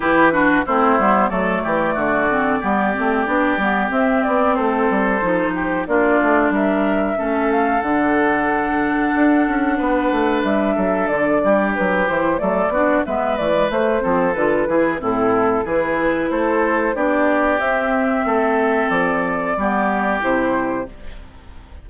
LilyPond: <<
  \new Staff \with { instrumentName = "flute" } { \time 4/4 \tempo 4 = 92 b'4 c''4 d''2~ | d''2 e''8 d''8 c''4~ | c''4 d''4 e''4. f''8 | fis''1 |
e''4 d''4 b'8 c''8 d''4 | e''8 d''8 c''4 b'4 a'4 | b'4 c''4 d''4 e''4~ | e''4 d''2 c''4 | }
  \new Staff \with { instrumentName = "oboe" } { \time 4/4 g'8 fis'8 e'4 a'8 g'8 fis'4 | g'2. a'4~ | a'8 g'8 f'4 ais'4 a'4~ | a'2. b'4~ |
b'8 a'4 g'4. a'8 fis'8 | b'4. a'4 gis'8 e'4 | gis'4 a'4 g'2 | a'2 g'2 | }
  \new Staff \with { instrumentName = "clarinet" } { \time 4/4 e'8 d'8 c'8 b8 a4. c'8 | b8 c'8 d'8 b8 c'2 | dis'4 d'2 cis'4 | d'1~ |
d'2~ d'8 e'8 a8 d'8 | b8 a16 gis16 a8 c'8 f'8 e'8 c'4 | e'2 d'4 c'4~ | c'2 b4 e'4 | }
  \new Staff \with { instrumentName = "bassoon" } { \time 4/4 e4 a8 g8 fis8 e8 d4 | g8 a8 b8 g8 c'8 b8 a8 g8 | f4 ais8 a8 g4 a4 | d2 d'8 cis'8 b8 a8 |
g8 fis8 d8 g8 fis8 e8 fis8 b8 | gis8 e8 a8 f8 d8 e8 a,4 | e4 a4 b4 c'4 | a4 f4 g4 c4 | }
>>